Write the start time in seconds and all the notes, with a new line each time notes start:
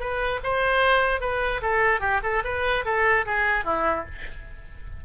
0.00 B4
0.44 C5
1.21 B4
1.62 A4
2.01 G4
2.23 A4
2.45 B4
2.85 A4
3.26 G#4
3.65 E4